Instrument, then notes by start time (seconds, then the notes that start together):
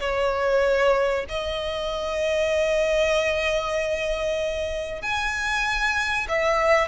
violin
0.00 C#5
1.29 D#5
5.02 G#5
6.28 E5